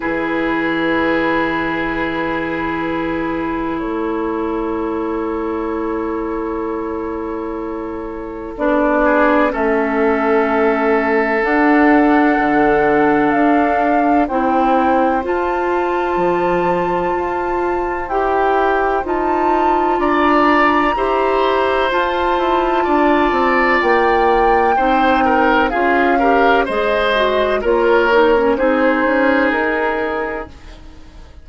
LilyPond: <<
  \new Staff \with { instrumentName = "flute" } { \time 4/4 \tempo 4 = 63 b'1 | cis''1~ | cis''4 d''4 e''2 | fis''2 f''4 g''4 |
a''2. g''4 | a''4 ais''2 a''4~ | a''4 g''2 f''4 | dis''4 cis''4 c''4 ais'4 | }
  \new Staff \with { instrumentName = "oboe" } { \time 4/4 gis'1 | a'1~ | a'4. gis'8 a'2~ | a'2. c''4~ |
c''1~ | c''4 d''4 c''2 | d''2 c''8 ais'8 gis'8 ais'8 | c''4 ais'4 gis'2 | }
  \new Staff \with { instrumentName = "clarinet" } { \time 4/4 e'1~ | e'1~ | e'4 d'4 cis'2 | d'2. e'4 |
f'2. g'4 | f'2 g'4 f'4~ | f'2 dis'4 f'8 g'8 | gis'8 fis'8 f'8 dis'16 cis'16 dis'2 | }
  \new Staff \with { instrumentName = "bassoon" } { \time 4/4 e1 | a1~ | a4 b4 a2 | d'4 d4 d'4 c'4 |
f'4 f4 f'4 e'4 | dis'4 d'4 e'4 f'8 e'8 | d'8 c'8 ais4 c'4 cis'4 | gis4 ais4 c'8 cis'8 dis'4 | }
>>